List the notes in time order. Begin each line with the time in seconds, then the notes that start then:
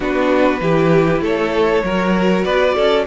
0.00 B3 D4 F#4 B4
0.60 E3 E4 G4
1.20 A3 A4 C#5
1.83 F#3 F#4 A#4
2.43 B3 B4 D5
2.74 C#4 A4